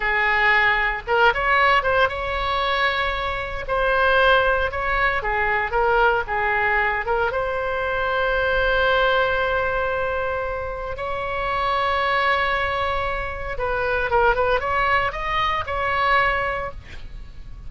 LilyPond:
\new Staff \with { instrumentName = "oboe" } { \time 4/4 \tempo 4 = 115 gis'2 ais'8 cis''4 c''8 | cis''2. c''4~ | c''4 cis''4 gis'4 ais'4 | gis'4. ais'8 c''2~ |
c''1~ | c''4 cis''2.~ | cis''2 b'4 ais'8 b'8 | cis''4 dis''4 cis''2 | }